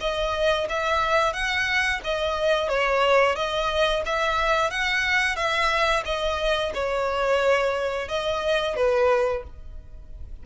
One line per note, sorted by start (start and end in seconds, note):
0.00 0.67 D#5
0.69 1.33 E5
1.33 2.00 F#5
2.04 2.69 D#5
2.69 3.35 C#5
3.35 4.03 D#5
4.05 4.70 E5
4.70 5.36 F#5
5.36 6.03 E5
6.05 6.72 D#5
6.74 8.08 C#5
8.08 8.76 D#5
8.76 9.43 B4